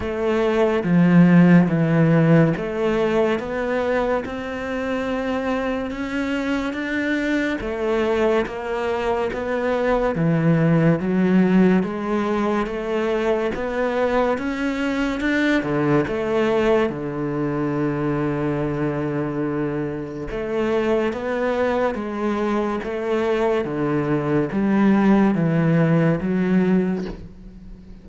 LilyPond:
\new Staff \with { instrumentName = "cello" } { \time 4/4 \tempo 4 = 71 a4 f4 e4 a4 | b4 c'2 cis'4 | d'4 a4 ais4 b4 | e4 fis4 gis4 a4 |
b4 cis'4 d'8 d8 a4 | d1 | a4 b4 gis4 a4 | d4 g4 e4 fis4 | }